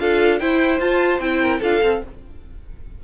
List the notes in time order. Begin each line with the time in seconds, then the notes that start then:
0.00 D4 F4 A4 F5
0.40 E4 C5 G5
0.80 F4 A5
1.20 C4 E4 G5
1.42 A#4
1.60 D4 F4 A4 F5
1.83 C4 A4